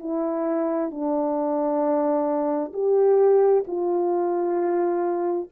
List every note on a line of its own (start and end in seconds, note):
0.00 0.91 E4
0.91 2.73 D4
2.74 3.64 G4
3.67 5.49 F4